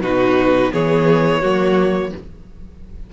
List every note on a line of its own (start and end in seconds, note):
0.00 0.70 B2
0.00 0.72 D#4
0.00 0.72 F#4
0.00 0.73 B4
0.72 1.43 E3
0.72 1.42 B3
0.72 1.41 G#4
0.72 2.13 C#5
1.41 2.13 F#3
1.41 2.13 A#3
1.41 2.11 F#4